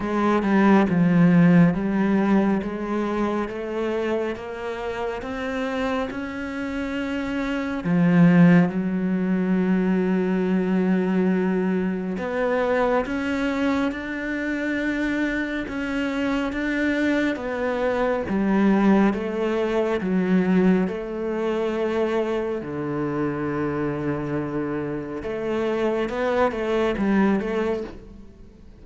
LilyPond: \new Staff \with { instrumentName = "cello" } { \time 4/4 \tempo 4 = 69 gis8 g8 f4 g4 gis4 | a4 ais4 c'4 cis'4~ | cis'4 f4 fis2~ | fis2 b4 cis'4 |
d'2 cis'4 d'4 | b4 g4 a4 fis4 | a2 d2~ | d4 a4 b8 a8 g8 a8 | }